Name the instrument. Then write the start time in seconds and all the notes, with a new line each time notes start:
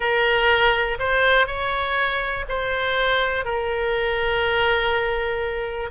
oboe
0.00 A#4
0.99 C5
1.46 C#5
2.48 C5
3.44 A#4